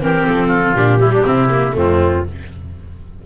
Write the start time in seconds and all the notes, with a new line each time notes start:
0.00 E3 C4 G4 A#4
0.26 F3 A4
0.47 F4
0.74 A#2 D4 G4
0.99 G3 E4
1.12 D4
1.24 C3 C4 E4
1.49 A#3
1.71 F2 A3 C4 F4